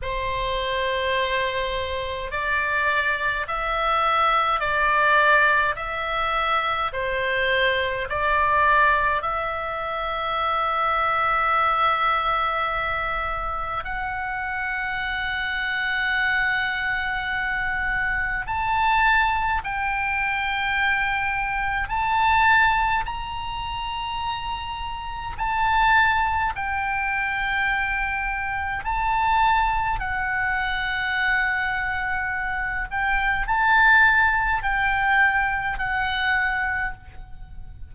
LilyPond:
\new Staff \with { instrumentName = "oboe" } { \time 4/4 \tempo 4 = 52 c''2 d''4 e''4 | d''4 e''4 c''4 d''4 | e''1 | fis''1 |
a''4 g''2 a''4 | ais''2 a''4 g''4~ | g''4 a''4 fis''2~ | fis''8 g''8 a''4 g''4 fis''4 | }